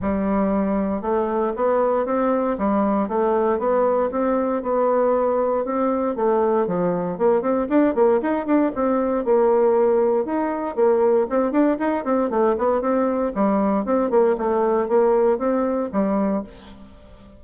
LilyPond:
\new Staff \with { instrumentName = "bassoon" } { \time 4/4 \tempo 4 = 117 g2 a4 b4 | c'4 g4 a4 b4 | c'4 b2 c'4 | a4 f4 ais8 c'8 d'8 ais8 |
dis'8 d'8 c'4 ais2 | dis'4 ais4 c'8 d'8 dis'8 c'8 | a8 b8 c'4 g4 c'8 ais8 | a4 ais4 c'4 g4 | }